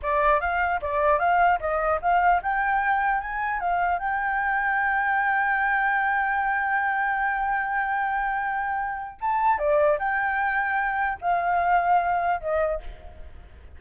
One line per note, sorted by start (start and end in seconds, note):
0.02 0.40 D5
0.40 0.80 F5
0.81 1.19 D5
1.19 1.59 F5
1.59 1.99 D#5
2.01 2.41 F5
2.42 3.20 G5
3.20 3.59 G#5
3.59 3.99 F5
3.99 9.19 G5
9.20 9.58 A5
9.58 9.98 D5
9.98 11.18 G5
11.21 12.41 F5
12.41 12.81 D#5